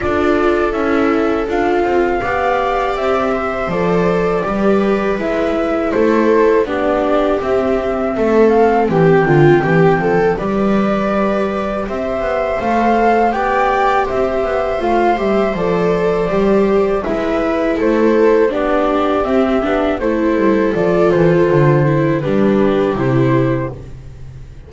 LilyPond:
<<
  \new Staff \with { instrumentName = "flute" } { \time 4/4 \tempo 4 = 81 d''4 e''4 f''2 | e''4 d''2 e''4 | c''4 d''4 e''4. f''8 | g''2 d''2 |
e''4 f''4 g''4 e''4 | f''8 e''8 d''2 e''4 | c''4 d''4 e''4 c''4 | d''8 c''4. b'4 c''4 | }
  \new Staff \with { instrumentName = "viola" } { \time 4/4 a'2. d''4~ | d''8 c''4. b'2 | a'4 g'2 a'4 | g'8 f'8 g'8 a'8 b'2 |
c''2 d''4 c''4~ | c''2. b'4 | a'4 g'2 a'4~ | a'2 g'2 | }
  \new Staff \with { instrumentName = "viola" } { \time 4/4 f'4 e'4 f'4 g'4~ | g'4 a'4 g'4 e'4~ | e'4 d'4 c'2~ | c'2 g'2~ |
g'4 a'4 g'2 | f'8 g'8 a'4 g'4 e'4~ | e'4 d'4 c'8 d'8 e'4 | f'4. e'8 d'4 e'4 | }
  \new Staff \with { instrumentName = "double bass" } { \time 4/4 d'4 cis'4 d'8 c'8 b4 | c'4 f4 g4 gis4 | a4 b4 c'4 a4 | e8 d8 e8 f8 g2 |
c'8 b8 a4 b4 c'8 b8 | a8 g8 f4 g4 gis4 | a4 b4 c'8 b8 a8 g8 | f8 e8 d4 g4 c4 | }
>>